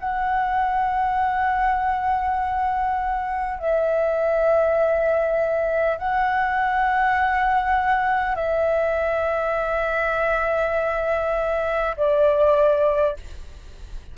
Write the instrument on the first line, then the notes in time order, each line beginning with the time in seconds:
flute
0.00 F#5
3.59 E5
5.98 F#5
8.36 E5
11.97 D5